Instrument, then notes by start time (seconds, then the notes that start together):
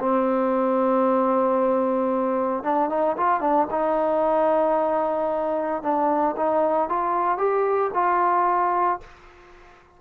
trombone
0.00 C4
2.64 D4
2.90 D#4
3.17 F4
3.41 D4
3.71 D#4
5.83 D4
6.37 D#4
6.90 F4
7.38 G4
7.94 F4